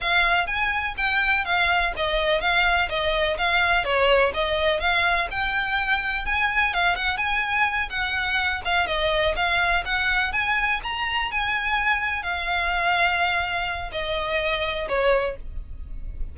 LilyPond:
\new Staff \with { instrumentName = "violin" } { \time 4/4 \tempo 4 = 125 f''4 gis''4 g''4 f''4 | dis''4 f''4 dis''4 f''4 | cis''4 dis''4 f''4 g''4~ | g''4 gis''4 f''8 fis''8 gis''4~ |
gis''8 fis''4. f''8 dis''4 f''8~ | f''8 fis''4 gis''4 ais''4 gis''8~ | gis''4. f''2~ f''8~ | f''4 dis''2 cis''4 | }